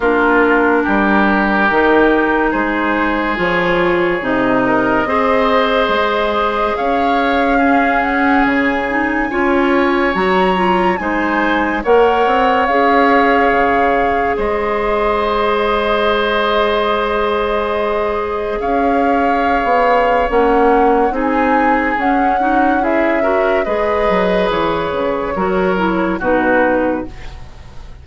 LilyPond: <<
  \new Staff \with { instrumentName = "flute" } { \time 4/4 \tempo 4 = 71 ais'2. c''4 | cis''4 dis''2. | f''4. fis''8 gis''2 | ais''4 gis''4 fis''4 f''4~ |
f''4 dis''2.~ | dis''2 f''2 | fis''4 gis''4 fis''4 e''4 | dis''4 cis''2 b'4 | }
  \new Staff \with { instrumentName = "oboe" } { \time 4/4 f'4 g'2 gis'4~ | gis'4. ais'8 c''2 | cis''4 gis'2 cis''4~ | cis''4 c''4 cis''2~ |
cis''4 c''2.~ | c''2 cis''2~ | cis''4 gis'4. fis'8 gis'8 ais'8 | b'2 ais'4 fis'4 | }
  \new Staff \with { instrumentName = "clarinet" } { \time 4/4 d'2 dis'2 | f'4 dis'4 gis'2~ | gis'4 cis'4. dis'8 f'4 | fis'8 f'8 dis'4 ais'4 gis'4~ |
gis'1~ | gis'1 | cis'4 dis'4 cis'8 dis'8 e'8 fis'8 | gis'2 fis'8 e'8 dis'4 | }
  \new Staff \with { instrumentName = "bassoon" } { \time 4/4 ais4 g4 dis4 gis4 | f4 c4 c'4 gis4 | cis'2 cis4 cis'4 | fis4 gis4 ais8 c'8 cis'4 |
cis4 gis2.~ | gis2 cis'4~ cis'16 b8. | ais4 c'4 cis'2 | gis8 fis8 e8 cis8 fis4 b,4 | }
>>